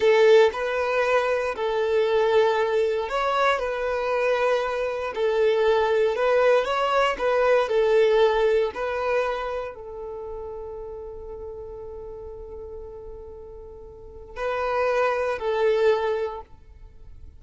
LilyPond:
\new Staff \with { instrumentName = "violin" } { \time 4/4 \tempo 4 = 117 a'4 b'2 a'4~ | a'2 cis''4 b'4~ | b'2 a'2 | b'4 cis''4 b'4 a'4~ |
a'4 b'2 a'4~ | a'1~ | a'1 | b'2 a'2 | }